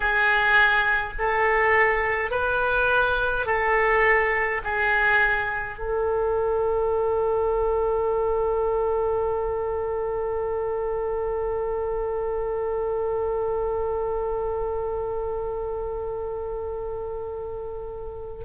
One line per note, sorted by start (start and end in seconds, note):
0.00 1.13 G#4
1.19 2.31 A4
2.31 3.46 B4
3.46 4.61 A4
4.64 5.78 G#4
5.78 18.45 A4